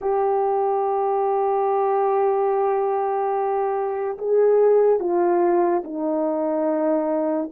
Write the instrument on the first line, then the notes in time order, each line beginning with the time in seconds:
horn
0.01 G4
4.17 G#4
4.99 F4
5.83 D#4